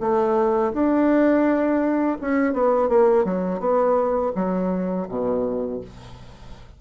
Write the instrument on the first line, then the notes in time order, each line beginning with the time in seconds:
bassoon
0.00 A3
0.73 D4
2.21 C#4
2.53 B3
2.89 A#3
3.24 F#3
3.59 B3
4.35 F#3
5.08 B2